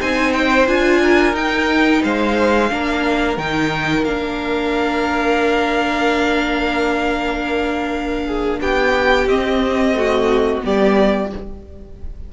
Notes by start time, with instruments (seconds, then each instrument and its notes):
0.00 cello C4, viola D#4, violin C5 G#5
0.33 violin G5
0.67 cello D4, viola F4, violin G#5
1.01 violin A#4
1.33 cello D#4, viola D#4, violin G5
2.03 cello G#3, violin C5 F5
2.69 cello A#3, viola D4, violin A#4
3.37 cello D#3, viola D#4, violin G5
4.04 cello A#3, viola D4, violin F5
8.26 violin G#4
8.60 cello B3, violin G4 G5
9.26 cello C4, viola C4, violin D#5
9.94 viola A3, violin F#4
10.62 cello G3, viola B3, violin G4 D5